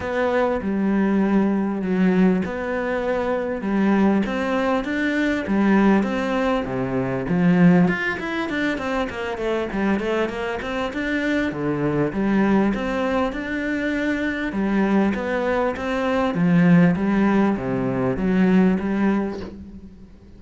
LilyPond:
\new Staff \with { instrumentName = "cello" } { \time 4/4 \tempo 4 = 99 b4 g2 fis4 | b2 g4 c'4 | d'4 g4 c'4 c4 | f4 f'8 e'8 d'8 c'8 ais8 a8 |
g8 a8 ais8 c'8 d'4 d4 | g4 c'4 d'2 | g4 b4 c'4 f4 | g4 c4 fis4 g4 | }